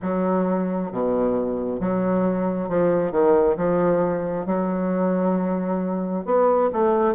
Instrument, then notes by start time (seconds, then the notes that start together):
bassoon
0.02 F#3
0.91 B2
1.80 F#3
2.69 F3
3.11 D#3
3.56 F3
4.46 F#3
6.24 B3
6.72 A3